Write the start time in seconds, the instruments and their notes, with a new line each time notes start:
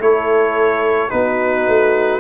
0.00 tuba A3, trombone E4, horn A4, trumpet C#5
1.10 tuba B3, trombone D#4, horn F#4, trumpet B4
1.68 tuba A3